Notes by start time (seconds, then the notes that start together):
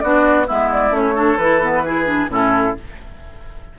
0.00 B3 D4 F#4 D5
0.46 G#3 B3 E4 E5
0.72 D5
0.90 A3 C#4 C#5
1.15 D4 A4
1.37 E3 E4 B4
1.62 B3
1.85 E4 G#4
2.05 D4
2.29 A2 C#4 E4 A4